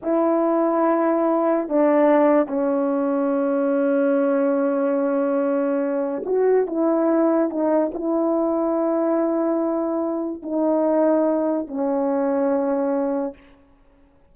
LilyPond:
\new Staff \with { instrumentName = "horn" } { \time 4/4 \tempo 4 = 144 e'1 | d'2 cis'2~ | cis'1~ | cis'2. fis'4 |
e'2 dis'4 e'4~ | e'1~ | e'4 dis'2. | cis'1 | }